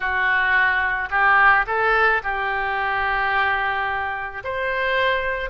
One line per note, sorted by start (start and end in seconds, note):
0.00 1.09 F#4
1.10 1.65 G4
1.66 2.21 A4
2.23 4.43 G4
4.44 5.50 C5